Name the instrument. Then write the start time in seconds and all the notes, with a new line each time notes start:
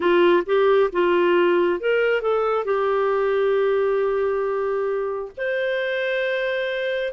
clarinet
0.00 F4
0.45 G4
0.92 F4
1.80 A#4
2.21 A4
2.64 G4
5.37 C5